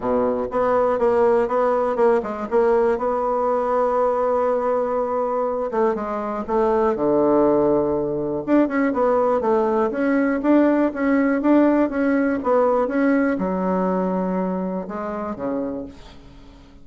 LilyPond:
\new Staff \with { instrumentName = "bassoon" } { \time 4/4 \tempo 4 = 121 b,4 b4 ais4 b4 | ais8 gis8 ais4 b2~ | b2.~ b8 a8 | gis4 a4 d2~ |
d4 d'8 cis'8 b4 a4 | cis'4 d'4 cis'4 d'4 | cis'4 b4 cis'4 fis4~ | fis2 gis4 cis4 | }